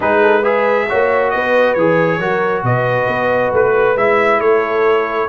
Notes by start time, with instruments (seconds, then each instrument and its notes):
0.00 tuba G#3, trombone D#4, horn G#4, trumpet B4
0.22 horn A4
0.42 trombone G#4, horn B4, trumpet E5
0.89 tuba A#3, trombone F#4, horn C#5
1.30 tuba B3, horn B4, trumpet D#5
1.74 tuba E3, trombone G#4, trumpet C#5
2.18 tuba F#3, trombone F#4, horn A#4
2.63 tuba B2, horn B4, trumpet D#5
3.07 tuba B3
3.52 tuba A3, trumpet B4
3.96 tuba G#3, trombone E4, trumpet E5
4.39 tuba A3, horn A4, trumpet C#5